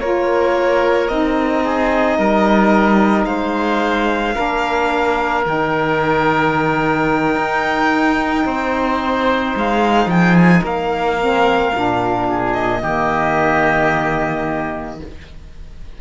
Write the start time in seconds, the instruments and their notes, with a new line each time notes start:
0.00 cello A#3, saxophone F4, oboe A#4, violin C#5
1.08 cello C4, saxophone D#4, violin D#5
1.64 oboe G#4
2.18 cello G3, oboe A#4
3.25 cello G#3, oboe C5, violin F5
4.34 cello A#3, saxophone D4, oboe A#4
5.44 cello D#3, saxophone D#4, violin G5
7.35 cello D#4
8.45 cello C4, oboe C5
9.56 cello G#3, violin F5
10.06 cello F3, oboe G#4, violin G5
10.36 violin G#5
10.63 cello A#3, oboe A#4, violin F5
11.20 saxophone C4
11.74 cello A#2, saxophone D4
12.28 oboe G#4
12.52 violin D#5
12.81 cello D#3, saxophone A#3, oboe G4